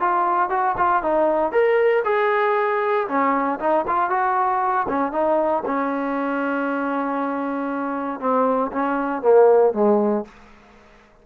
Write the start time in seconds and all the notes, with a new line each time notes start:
0.00 F4
0.50 F#4
0.77 F4
1.03 D#4
1.52 A#4
2.05 G#4
3.08 C#4
3.60 D#4
3.87 F4
4.10 F#4
4.89 C#4
5.12 D#4
5.66 C#4
8.20 C4
8.72 C#4
9.22 A#3
9.74 G#3